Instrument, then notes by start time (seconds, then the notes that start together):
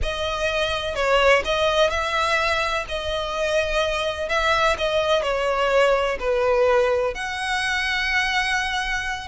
violin
0.02 D#5
0.95 C#5
1.44 D#5
1.89 E5
2.88 D#5
4.28 E5
4.77 D#5
5.22 C#5
6.19 B4
7.14 F#5